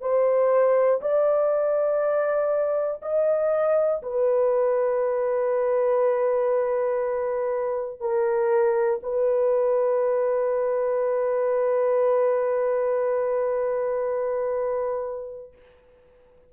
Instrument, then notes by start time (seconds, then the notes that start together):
horn
0.00 C5
1.01 D5
3.01 D#5
4.02 B4
8.00 A#4
9.03 B4